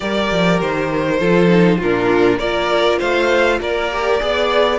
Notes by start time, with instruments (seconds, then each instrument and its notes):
0.00 cello G3, viola G4, violin A#4 D5
0.31 cello F3
0.60 cello D#3, violin C5
1.19 cello F3, viola F4, violin A4
1.49 viola D#4
1.77 cello A#2, viola D4, violin F4 A#4
2.38 cello A#3, viola F4, violin A#4 D5
2.98 cello A3, violin C5 F5
3.60 cello A#3, violin A#4 D5
3.91 viola G4
4.20 cello B3, viola G#4, violin D5